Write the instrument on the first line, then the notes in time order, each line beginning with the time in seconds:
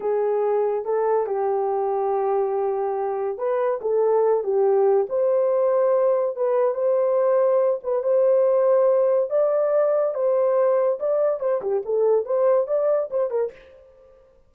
horn
0.00 G#4
0.84 A4
1.26 G4
3.37 B4
3.81 A4
4.43 G4
5.09 C5
6.36 B4
6.74 C5
7.83 B4
8.03 C5
9.30 D5
10.14 C5
10.99 D5
11.40 C5
11.61 G4
11.85 A4
12.25 C5
12.67 D5
13.10 C5
13.30 A#4